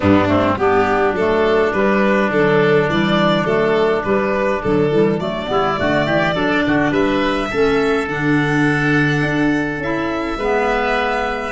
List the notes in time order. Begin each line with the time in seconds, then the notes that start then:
0.00 G2 G3 B3 D4
0.27 A3 C4
0.57 G3 B3 D4 G4
1.12 F#3 A3 A4
1.72 G3 B4
2.30 D3 F#3 A4
2.89 E3 G3 D5
3.44 F#3 A3 A4
4.02 G3 B4
4.62 D3 F#3 A4
4.91 E3 G3
5.19 F#3 A3 D5
5.45 G3 B3 E4
5.75 D3 A3 F#4
6.05 E3 G4
6.34 F#3 D4 A4
6.67 D3 F#4
6.91 G3 B4 E5
7.50 A3 C#4 A4
8.07 D3 D4 F#5
9.22 D4
9.77 C#4 E4 E5
10.37 G#3 B3 B4